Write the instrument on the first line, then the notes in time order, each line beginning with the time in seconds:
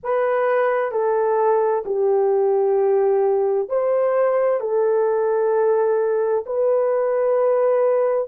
horn
0.03 B4
0.91 A4
1.85 G4
3.68 C5
4.60 A4
6.46 B4